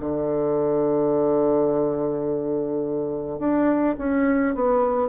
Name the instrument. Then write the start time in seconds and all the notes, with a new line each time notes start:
bassoon
0.00 D3
3.39 D4
3.98 C#4
4.54 B3